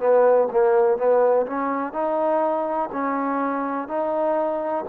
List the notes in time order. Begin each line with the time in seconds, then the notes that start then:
0.00 B3
0.51 A#3
0.98 B3
1.47 C#4
1.93 D#4
2.93 C#4
3.88 D#4